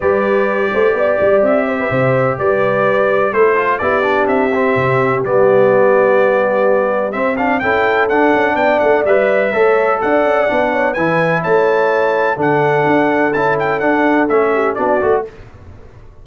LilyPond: <<
  \new Staff \with { instrumentName = "trumpet" } { \time 4/4 \tempo 4 = 126 d''2. e''4~ | e''4 d''2 c''4 | d''4 e''2 d''4~ | d''2. e''8 f''8 |
g''4 fis''4 g''8 fis''8 e''4~ | e''4 fis''2 gis''4 | a''2 fis''2 | a''8 g''8 fis''4 e''4 d''4 | }
  \new Staff \with { instrumentName = "horn" } { \time 4/4 b'4. c''8 d''4. c''16 b'16 | c''4 b'2 a'4 | g'1~ | g'1 |
a'2 d''2 | cis''4 d''4. cis''8 b'4 | cis''2 a'2~ | a'2~ a'8 g'8 fis'4 | }
  \new Staff \with { instrumentName = "trombone" } { \time 4/4 g'1~ | g'2. e'8 f'8 | e'8 d'4 c'4. b4~ | b2. c'8 d'8 |
e'4 d'2 b'4 | a'2 d'4 e'4~ | e'2 d'2 | e'4 d'4 cis'4 d'8 fis'8 | }
  \new Staff \with { instrumentName = "tuba" } { \time 4/4 g4. a8 b8 g8 c'4 | c4 g2 a4 | b4 c'4 c4 g4~ | g2. c'4 |
cis'4 d'8 cis'8 b8 a8 g4 | a4 d'8 cis'8 b4 e4 | a2 d4 d'4 | cis'4 d'4 a4 b8 a8 | }
>>